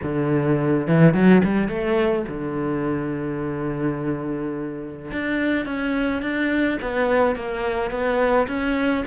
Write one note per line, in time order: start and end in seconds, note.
0.03 0.87 D3
0.87 1.13 E3
1.13 1.42 F#3
1.44 1.68 G3
1.68 2.25 A3
2.28 5.11 D3
5.11 5.65 D4
5.65 6.22 C#4
6.22 6.78 D4
6.81 7.35 B3
7.35 7.90 A#3
7.90 8.47 B3
8.47 9.04 C#4